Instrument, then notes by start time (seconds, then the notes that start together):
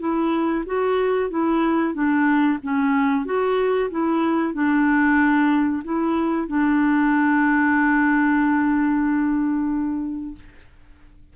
clarinet
0.00 E4
0.66 F#4
1.30 E4
1.94 D4
2.63 C#4
3.26 F#4
3.91 E4
4.54 D4
5.84 E4
6.48 D4